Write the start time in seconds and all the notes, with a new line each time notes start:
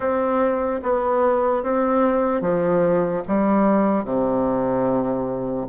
0.00 C4
0.82 B3
1.63 C4
2.41 F3
3.27 G3
4.04 C3